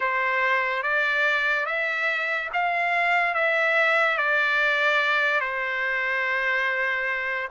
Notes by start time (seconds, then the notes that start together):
0.00 C5
0.83 D5
1.66 E5
2.53 F5
3.34 E5
4.17 D5
5.40 C5